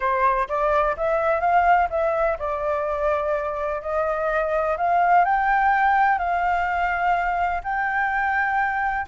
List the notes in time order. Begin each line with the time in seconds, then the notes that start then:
0.00 C5
0.48 D5
0.96 E5
1.40 F5
1.90 E5
2.39 D5
3.81 D#5
4.77 F5
5.24 G5
6.18 F5
7.63 G5